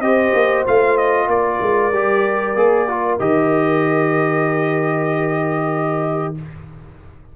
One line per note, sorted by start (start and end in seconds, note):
0.00 0.32 C4
0.00 0.66 G4
0.00 1.27 C5
0.00 0.64 D#5
0.34 0.65 A#3
0.66 1.27 A3
0.66 1.92 F4
0.66 0.97 F5
0.97 1.29 D#5
1.27 1.59 A#3
1.27 6.33 A#4
1.27 3.19 D5
1.61 1.92 G#3
1.92 2.56 G3
1.92 2.57 G4
2.56 3.19 A#3
2.56 2.88 G#4
2.88 3.19 F4
3.19 6.36 D#3
3.19 6.35 G4
3.19 6.35 D#5